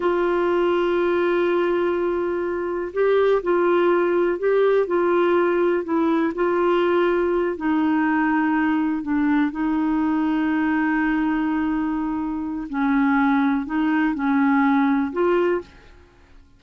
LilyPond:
\new Staff \with { instrumentName = "clarinet" } { \time 4/4 \tempo 4 = 123 f'1~ | f'2 g'4 f'4~ | f'4 g'4 f'2 | e'4 f'2~ f'8 dis'8~ |
dis'2~ dis'8 d'4 dis'8~ | dis'1~ | dis'2 cis'2 | dis'4 cis'2 f'4 | }